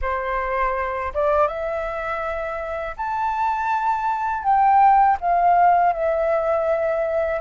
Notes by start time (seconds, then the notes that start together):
0.01 C5
1.13 D5
1.47 E5
2.96 A5
4.43 G5
5.20 F5
5.92 E5